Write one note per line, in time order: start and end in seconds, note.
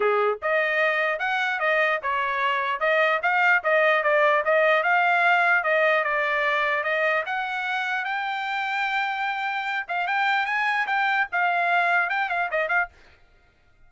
0.00 0.38 G#4
0.42 1.19 D#5
1.19 1.59 F#5
1.59 2.00 D#5
2.02 2.80 C#5
2.80 3.20 D#5
3.22 3.62 F5
3.63 4.03 D#5
4.03 4.43 D5
4.45 4.83 D#5
4.83 5.63 F5
5.63 6.04 D#5
6.04 6.83 D5
6.83 7.23 D#5
7.26 8.04 F#5
8.04 9.85 G5
9.87 10.07 F5
10.07 10.46 G5
10.46 10.86 G#5
10.87 11.27 G5
11.32 12.09 F5
12.09 12.29 G5
12.29 12.49 F5
12.50 12.68 D#5
12.68 12.88 F5